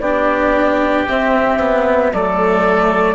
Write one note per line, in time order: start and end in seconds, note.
0.00 1.05 B3
0.00 1.08 D4
0.00 2.12 G4
0.00 1.05 D5
1.08 1.59 C4
1.08 2.14 C4
1.08 2.13 E5
1.59 2.12 B3
2.13 3.15 F#3
2.13 3.15 A3
2.13 3.15 A4
2.13 3.15 D5